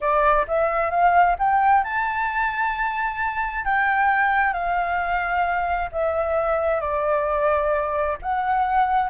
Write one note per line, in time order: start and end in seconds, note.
0.00 0.46 D5
0.47 0.90 E5
0.90 1.36 F5
1.39 1.84 G5
1.84 3.64 A5
3.64 4.53 G5
4.53 5.89 F5
5.92 6.81 E5
6.81 8.17 D5
8.22 9.09 F#5